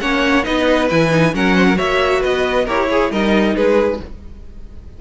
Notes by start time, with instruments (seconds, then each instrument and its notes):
0.00 cello A#3, viola C#4, violin C#5 F#5
0.43 cello B3, viola D#4, violin B4 D#5
0.90 cello E3, viola E4, violin G#5
1.10 viola D#4
1.33 cello F#3, viola C#4, violin A#4 F#5
1.55 violin C5
1.67 violin A#4
1.75 cello A#3, viola F#4, violin C#5 E5
2.20 cello B3, violin B4 D#5
2.65 cello E4, viola G4, violin A#4 C#5
2.90 violin G#4, viola G#4
3.10 cello G3, viola D#4, violin A#4 D#5
3.55 cello G#3, violin G#4 B4